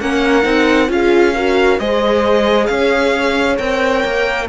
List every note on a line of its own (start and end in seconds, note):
0.00 0.44 A#3
0.00 0.42 C#4
0.00 0.90 A#4
0.00 0.90 F#5
0.42 0.89 C4
0.42 0.87 D#4
0.88 1.79 C#4
0.88 1.33 F4
0.88 1.35 G#4
0.88 1.79 F5
1.35 1.79 F#4
1.35 1.79 A#4
1.79 2.68 G#3
1.79 3.57 G#4
1.79 2.69 C5
1.79 2.66 D#5
2.66 3.58 C#4
2.66 4.48 C#5
2.66 3.56 F5
3.57 4.04 C4
3.57 4.47 A#4
3.57 4.47 G5
4.04 4.48 A#3